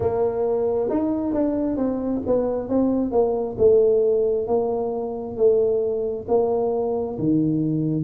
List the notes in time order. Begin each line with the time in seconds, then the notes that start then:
0.00 A#3
0.89 D#4
1.33 D4
1.77 C4
2.26 B3
2.68 C4
3.11 A#3
3.58 A3
4.47 A#3
5.36 A3
6.28 A#3
7.18 D#3